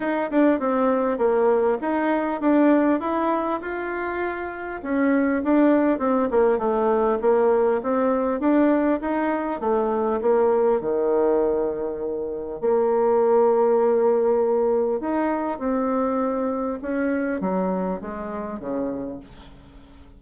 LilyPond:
\new Staff \with { instrumentName = "bassoon" } { \time 4/4 \tempo 4 = 100 dis'8 d'8 c'4 ais4 dis'4 | d'4 e'4 f'2 | cis'4 d'4 c'8 ais8 a4 | ais4 c'4 d'4 dis'4 |
a4 ais4 dis2~ | dis4 ais2.~ | ais4 dis'4 c'2 | cis'4 fis4 gis4 cis4 | }